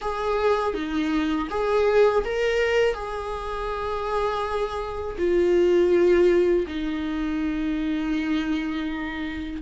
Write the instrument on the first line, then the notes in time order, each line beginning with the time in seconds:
viola
0.01 G#4
0.74 D#4
1.50 G#4
2.24 A#4
2.94 G#4
5.18 F4
6.67 D#4